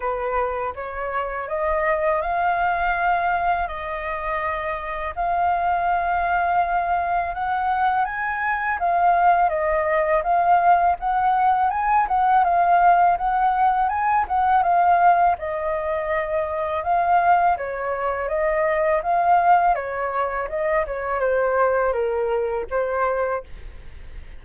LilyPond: \new Staff \with { instrumentName = "flute" } { \time 4/4 \tempo 4 = 82 b'4 cis''4 dis''4 f''4~ | f''4 dis''2 f''4~ | f''2 fis''4 gis''4 | f''4 dis''4 f''4 fis''4 |
gis''8 fis''8 f''4 fis''4 gis''8 fis''8 | f''4 dis''2 f''4 | cis''4 dis''4 f''4 cis''4 | dis''8 cis''8 c''4 ais'4 c''4 | }